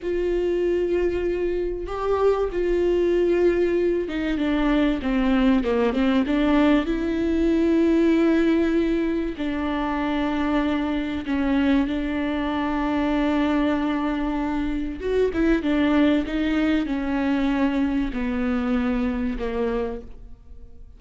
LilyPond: \new Staff \with { instrumentName = "viola" } { \time 4/4 \tempo 4 = 96 f'2. g'4 | f'2~ f'8 dis'8 d'4 | c'4 ais8 c'8 d'4 e'4~ | e'2. d'4~ |
d'2 cis'4 d'4~ | d'1 | fis'8 e'8 d'4 dis'4 cis'4~ | cis'4 b2 ais4 | }